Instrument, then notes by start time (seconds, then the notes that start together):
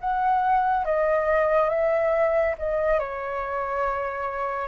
flute
0.00 F#5
0.85 D#5
1.69 E5
2.58 D#5
2.99 C#5